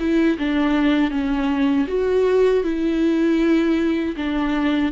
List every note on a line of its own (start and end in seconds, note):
0.00 0.38 E4
0.39 1.12 D4
1.12 1.87 C#4
1.88 2.64 F#4
2.64 4.16 E4
4.17 4.93 D4